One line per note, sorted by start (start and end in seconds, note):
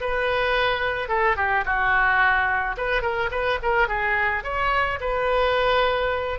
0.00 1.08 B4
1.08 1.36 A4
1.36 1.64 G4
1.65 2.76 F#4
2.77 3.02 B4
3.02 3.29 A#4
3.31 3.58 B4
3.62 3.88 A#4
3.88 4.43 G#4
4.43 4.99 C#5
5.00 6.39 B4